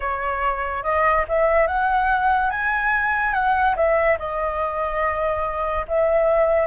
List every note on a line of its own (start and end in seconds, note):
0.00 0.83 C#5
0.83 1.25 D#5
1.28 1.67 E5
1.67 2.50 F#5
2.50 3.33 G#5
3.33 3.75 F#5
3.75 4.17 E5
4.19 5.85 D#5
5.87 6.66 E5